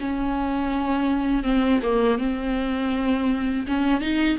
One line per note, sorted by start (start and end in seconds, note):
0.00 1.43 C#4
1.43 1.80 C4
1.82 2.18 A#3
2.18 3.66 C4
3.67 4.01 C#4
4.01 4.38 D#4